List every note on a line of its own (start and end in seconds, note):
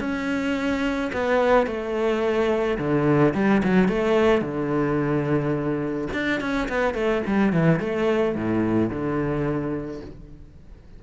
0.00 1.11 C#4
1.13 1.67 B3
1.67 2.78 A3
2.79 3.34 D3
3.35 3.63 G3
3.64 3.89 F#3
3.89 4.42 A3
4.42 6.08 D3
6.13 6.41 D4
6.41 6.69 C#4
6.69 6.95 B3
6.95 7.22 A3
7.27 7.53 G3
7.53 7.80 E3
7.80 8.36 A3
8.36 8.90 A2
8.90 10.01 D3